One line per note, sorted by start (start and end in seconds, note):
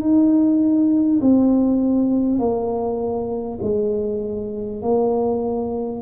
0.00 1.20 D#4
1.21 2.38 C4
2.38 3.58 A#3
3.62 4.82 G#3
4.82 6.02 A#3